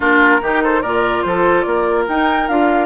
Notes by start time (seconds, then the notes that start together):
0.00 A#3 D4 F4 A#4
0.41 D#3 D#4 G4
0.63 A4 C5
0.81 A#2 F4 A#4 D5
1.22 F3 A4 C5
1.61 A#3 A#4 D5
2.08 D#4 G5
2.48 D4 F4 F5